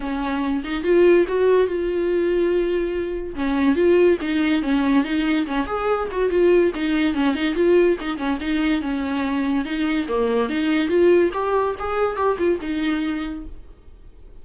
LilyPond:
\new Staff \with { instrumentName = "viola" } { \time 4/4 \tempo 4 = 143 cis'4. dis'8 f'4 fis'4 | f'1 | cis'4 f'4 dis'4 cis'4 | dis'4 cis'8 gis'4 fis'8 f'4 |
dis'4 cis'8 dis'8 f'4 dis'8 cis'8 | dis'4 cis'2 dis'4 | ais4 dis'4 f'4 g'4 | gis'4 g'8 f'8 dis'2 | }